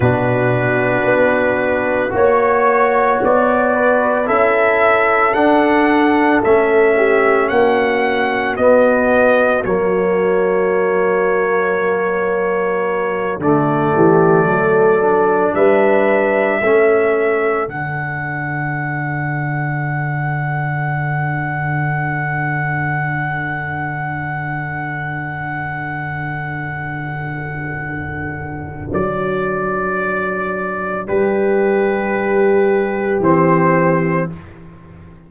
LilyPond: <<
  \new Staff \with { instrumentName = "trumpet" } { \time 4/4 \tempo 4 = 56 b'2 cis''4 d''4 | e''4 fis''4 e''4 fis''4 | dis''4 cis''2.~ | cis''8 d''2 e''4.~ |
e''8 fis''2.~ fis''8~ | fis''1~ | fis''2. d''4~ | d''4 b'2 c''4 | }
  \new Staff \with { instrumentName = "horn" } { \time 4/4 fis'2 cis''4. b'8 | a'2~ a'8 g'8 fis'4~ | fis'1~ | fis'4 g'8 a'4 b'4 a'8~ |
a'1~ | a'1~ | a'1~ | a'4 g'2. | }
  \new Staff \with { instrumentName = "trombone" } { \time 4/4 d'2 fis'2 | e'4 d'4 cis'2 | b4 ais2.~ | ais8 a4. d'4. cis'8~ |
cis'8 d'2.~ d'8~ | d'1~ | d'1~ | d'2. c'4 | }
  \new Staff \with { instrumentName = "tuba" } { \time 4/4 b,4 b4 ais4 b4 | cis'4 d'4 a4 ais4 | b4 fis2.~ | fis8 d8 e8 fis4 g4 a8~ |
a8 d2.~ d8~ | d1~ | d2. fis4~ | fis4 g2 e4 | }
>>